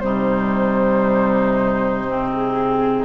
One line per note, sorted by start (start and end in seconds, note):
0.00 3.05 C3
0.00 2.04 G3
0.00 3.05 D#4
0.00 2.29 C5
2.07 3.05 C4
2.32 3.05 G#4